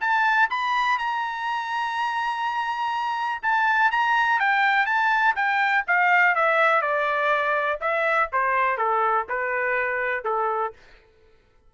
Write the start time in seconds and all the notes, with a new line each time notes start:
0.00 A5
0.50 B5
0.98 A#5
3.42 A5
3.91 A#5
4.39 G5
4.86 A5
5.35 G5
5.87 F5
6.35 E5
6.81 D5
7.80 E5
8.32 C5
8.77 A4
9.28 B4
10.24 A4